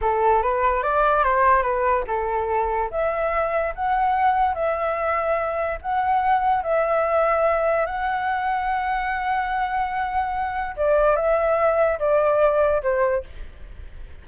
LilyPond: \new Staff \with { instrumentName = "flute" } { \time 4/4 \tempo 4 = 145 a'4 b'4 d''4 c''4 | b'4 a'2 e''4~ | e''4 fis''2 e''4~ | e''2 fis''2 |
e''2. fis''4~ | fis''1~ | fis''2 d''4 e''4~ | e''4 d''2 c''4 | }